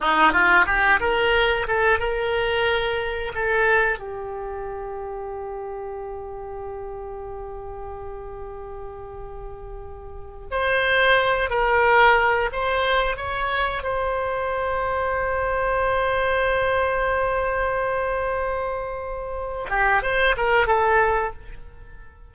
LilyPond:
\new Staff \with { instrumentName = "oboe" } { \time 4/4 \tempo 4 = 90 dis'8 f'8 g'8 ais'4 a'8 ais'4~ | ais'4 a'4 g'2~ | g'1~ | g'2.~ g'8. c''16~ |
c''4~ c''16 ais'4. c''4 cis''16~ | cis''8. c''2.~ c''16~ | c''1~ | c''4. g'8 c''8 ais'8 a'4 | }